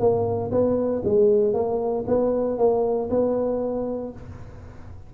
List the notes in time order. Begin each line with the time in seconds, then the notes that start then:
0.00 A#3
0.52 B3
1.05 G#3
1.54 A#3
2.08 B3
2.59 A#3
3.10 B3